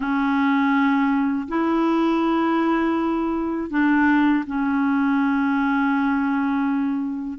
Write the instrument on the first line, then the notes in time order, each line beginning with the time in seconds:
clarinet
0.00 C#4
1.48 E4
3.70 D4
4.46 C#4